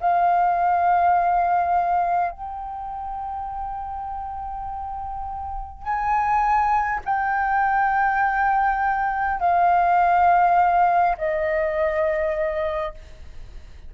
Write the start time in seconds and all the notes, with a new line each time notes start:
0.00 F5
2.32 G5
5.83 G#5
7.05 G5
9.40 F5
11.18 D#5